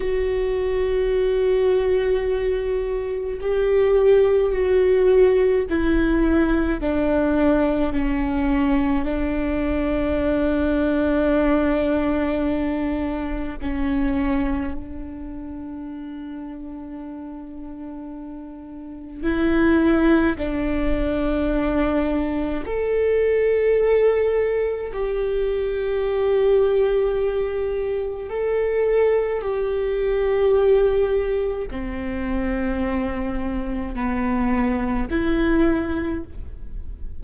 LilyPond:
\new Staff \with { instrumentName = "viola" } { \time 4/4 \tempo 4 = 53 fis'2. g'4 | fis'4 e'4 d'4 cis'4 | d'1 | cis'4 d'2.~ |
d'4 e'4 d'2 | a'2 g'2~ | g'4 a'4 g'2 | c'2 b4 e'4 | }